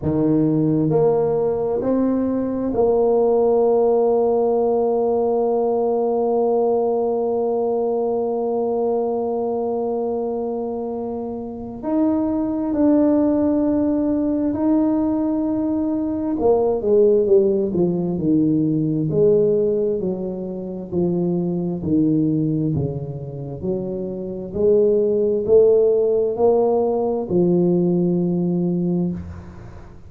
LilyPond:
\new Staff \with { instrumentName = "tuba" } { \time 4/4 \tempo 4 = 66 dis4 ais4 c'4 ais4~ | ais1~ | ais1~ | ais4 dis'4 d'2 |
dis'2 ais8 gis8 g8 f8 | dis4 gis4 fis4 f4 | dis4 cis4 fis4 gis4 | a4 ais4 f2 | }